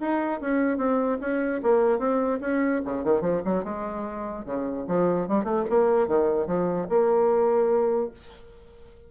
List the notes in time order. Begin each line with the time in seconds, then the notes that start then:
0.00 D#4
0.41 C#4
0.78 C4
1.21 C#4
1.63 A#3
1.99 C4
2.41 C#4
2.85 C#3
3.04 D#3
3.21 F3
3.45 F#3
3.64 G#3
4.45 C#3
4.87 F3
5.28 G3
5.44 A3
5.69 A#3
6.07 D#3
6.47 F3
6.89 A#3